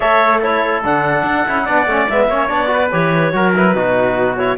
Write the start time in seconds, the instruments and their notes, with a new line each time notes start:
0.00 cello A3, trombone A4, trumpet C#5, clarinet E5
0.39 trombone E4, trumpet A4, clarinet C#5
0.83 cello D3, trombone D4, clarinet F#5
1.23 cello D4
1.46 cello C#4, trombone E4
1.64 cello B3, trombone D4, trumpet D5
1.86 cello A3, trombone C#4
2.08 cello G#3, trombone B3, clarinet E5
2.28 cello A#3, trombone C#4, trumpet C#5
2.48 cello B3, trombone D4, clarinet D5
2.66 trombone F#4, trumpet B4
2.91 cello E3, trombone G4, clarinet C#5
3.32 cello F#3, trombone F#4, trumpet A#4
3.55 trombone E4, clarinet B4
3.74 cello B2, trombone D#4, trumpet F#4
4.37 trombone E4, clarinet C#5